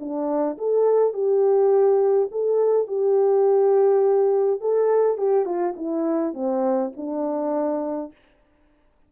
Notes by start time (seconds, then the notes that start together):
0.00 D4
0.58 A4
1.14 G4
2.31 A4
2.87 G4
4.61 A4
5.18 G4
5.45 F4
5.76 E4
6.34 C4
6.97 D4